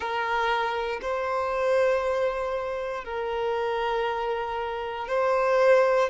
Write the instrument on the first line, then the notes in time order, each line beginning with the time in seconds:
violin
0.00 A#4
1.01 C5
3.04 A#4
5.08 C5